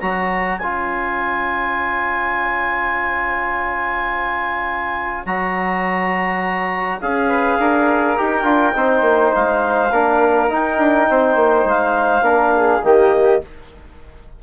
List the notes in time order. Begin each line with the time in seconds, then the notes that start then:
0.00 F#3 F#4 C#5 A#5
0.58 C#4 F4 G#5
5.26 F#3 F#4 A#5
7.01 C#4 G#4 F5
7.29 B4
7.59 D4 A#4
8.17 D#4 G4 G5
8.43 D4 F4
8.73 C4 D#4 C5
9.02 A#3
9.34 G#3 F5
9.91 A#3 D4 A#4
10.49 D#4 G5
10.78 D4
11.10 C4 C5
11.35 A#3
11.65 G#3 F5
12.21 A#3 D4 A#4
12.56 G#4
12.83 D#3 A#3 G4 D#5